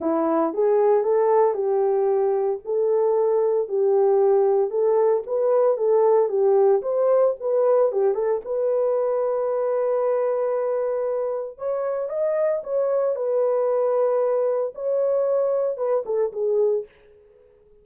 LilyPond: \new Staff \with { instrumentName = "horn" } { \time 4/4 \tempo 4 = 114 e'4 gis'4 a'4 g'4~ | g'4 a'2 g'4~ | g'4 a'4 b'4 a'4 | g'4 c''4 b'4 g'8 a'8 |
b'1~ | b'2 cis''4 dis''4 | cis''4 b'2. | cis''2 b'8 a'8 gis'4 | }